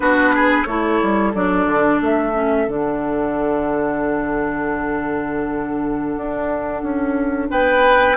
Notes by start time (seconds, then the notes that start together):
0.00 B3 D4 F#4 B4
0.34 G#4
0.65 A3 E4 A4 C#5
1.02 G3
1.34 F#3 D4 D5
1.66 D3
2.01 A3 E5
2.33 C#4
2.67 D3 D4 F#5
6.16 D4
6.82 C#4
7.50 B3 B4 G5